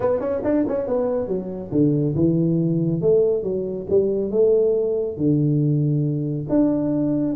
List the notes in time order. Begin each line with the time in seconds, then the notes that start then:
0.00 B3
0.19 C#4
0.44 D4
0.68 C#4
0.87 B3
1.27 F#3
1.71 D3
2.15 E3
3.01 A3
3.43 F#3
3.89 G3
4.30 A3
5.17 D3
6.49 D4